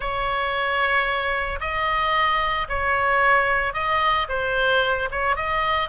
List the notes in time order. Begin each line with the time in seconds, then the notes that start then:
0.00 C#5
1.60 D#5
2.69 C#5
3.73 D#5
4.29 C5
5.11 C#5
5.36 D#5